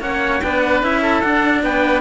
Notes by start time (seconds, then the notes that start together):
0.00 A#3 C#4 C#5 F#5
0.41 B3 D4 B4 G5
0.61 F#5
0.82 C#4 E4 E5
1.02 A4
1.20 D4 F#5
1.62 B3 B4 G5